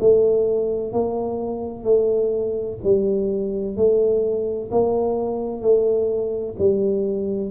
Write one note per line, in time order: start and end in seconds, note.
0.00 0.92 A3
0.92 1.84 A#3
1.84 2.78 A3
2.84 3.76 G3
3.76 4.70 A3
4.71 5.62 A#3
5.62 6.55 A3
6.59 7.50 G3